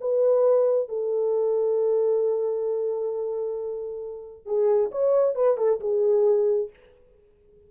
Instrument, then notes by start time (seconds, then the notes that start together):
horn
0.00 B4
0.88 A4
4.45 G#4
4.91 C#5
5.35 B4
5.57 A4
5.80 G#4